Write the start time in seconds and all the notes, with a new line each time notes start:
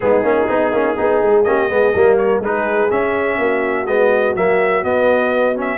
0.00 G#3 B3 D#4 G#4
0.23 A#3 C#4
0.48 B3 D#4
0.72 A#3 C#4
0.96 B3 D#4 G#4
1.22 G#3
1.43 A#3 C#4 G4 D#5
1.69 G#3 B3 G#4
1.94 G3 A#3 A#4
2.17 C#5
2.39 G#3 D#4 G#4 B4
2.89 C#4 E5
3.38 A#3 F#4
3.86 G#3 B3 D#5
4.35 F#3 A#3 E5
4.83 B3 D#5
5.55 C#4 E5